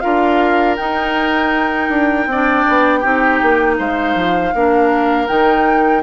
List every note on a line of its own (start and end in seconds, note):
0.00 0.78 D4
0.00 0.76 F4
0.00 2.28 A#4
0.00 0.75 F5
0.76 1.89 D#4
0.76 2.29 D#4
0.76 3.76 G5
1.89 2.26 D4
2.26 2.64 C4
2.26 3.00 D5
2.33 3.03 D4
2.68 3.04 B3
3.00 3.41 C4
3.00 4.53 D#4
3.00 3.75 G4
3.42 3.79 A#3
3.79 4.15 G#3
3.79 4.54 C5
3.79 5.27 F5
4.15 4.52 F3
4.54 5.29 A#3
4.54 5.27 D4
4.54 6.03 A#4
5.27 6.03 D#3
5.27 6.02 D#4
5.27 6.02 G5